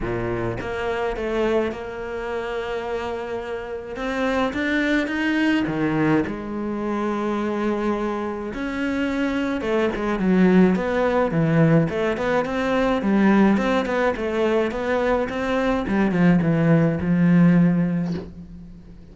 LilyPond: \new Staff \with { instrumentName = "cello" } { \time 4/4 \tempo 4 = 106 ais,4 ais4 a4 ais4~ | ais2. c'4 | d'4 dis'4 dis4 gis4~ | gis2. cis'4~ |
cis'4 a8 gis8 fis4 b4 | e4 a8 b8 c'4 g4 | c'8 b8 a4 b4 c'4 | g8 f8 e4 f2 | }